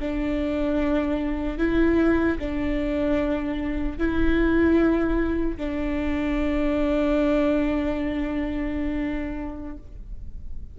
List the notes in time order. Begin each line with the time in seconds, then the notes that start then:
0.00 D4
1.58 E4
2.39 D4
3.98 E4
5.57 D4